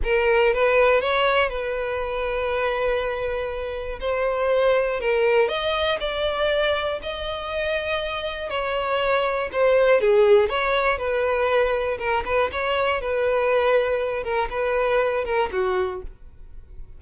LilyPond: \new Staff \with { instrumentName = "violin" } { \time 4/4 \tempo 4 = 120 ais'4 b'4 cis''4 b'4~ | b'1 | c''2 ais'4 dis''4 | d''2 dis''2~ |
dis''4 cis''2 c''4 | gis'4 cis''4 b'2 | ais'8 b'8 cis''4 b'2~ | b'8 ais'8 b'4. ais'8 fis'4 | }